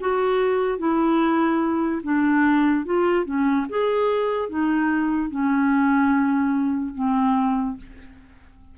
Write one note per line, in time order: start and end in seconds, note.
0.00 0.78 F#4
0.78 2.02 E4
2.03 2.85 D4
2.85 3.26 F4
3.26 3.67 C#4
3.69 4.49 G#4
4.49 5.30 D#4
5.30 6.95 C#4
6.95 7.77 C4